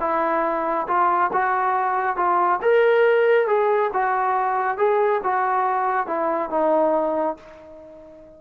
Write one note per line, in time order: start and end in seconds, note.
0.00 0.87 E4
0.88 1.31 F4
1.33 2.17 F#4
2.17 2.60 F4
2.62 3.47 A#4
3.47 3.91 G#4
3.93 4.78 F#4
4.78 5.21 G#4
5.24 6.07 F#4
6.07 6.50 E4
6.50 7.37 D#4